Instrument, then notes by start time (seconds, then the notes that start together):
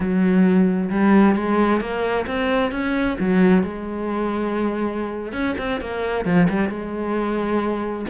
cello
0.00 F#3
0.90 G3
1.35 G#3
1.80 A#3
2.26 C4
2.71 C#4
3.19 F#3
3.63 G#3
5.32 C#4
5.58 C4
5.81 A#3
6.25 F3
6.49 G3
6.69 G#3